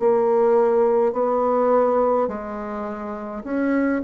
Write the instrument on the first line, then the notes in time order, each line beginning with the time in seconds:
bassoon
0.00 A#3
1.13 B3
2.28 G#3
3.45 C#4